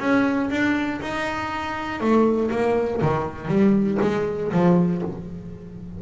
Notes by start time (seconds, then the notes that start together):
0.00 C#4
0.51 D4
1.01 D#4
2.01 A3
2.51 A#3
3.02 D#3
3.48 G3
4.02 G#3
4.52 F3